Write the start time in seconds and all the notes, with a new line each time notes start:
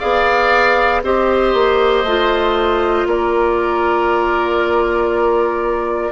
0.00 B3 G#4 D5 F5
1.04 C4 G4 C5 D#5
1.54 A#3
2.04 A3 F4
3.06 A#3 A#4 D5